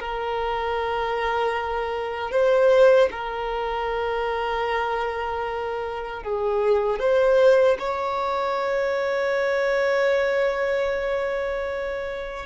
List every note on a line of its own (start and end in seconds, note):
0.00 2.31 A#4
2.31 3.09 C5
3.12 6.23 A#4
6.23 7.00 G#4
7.00 7.78 C5
7.79 12.46 C#5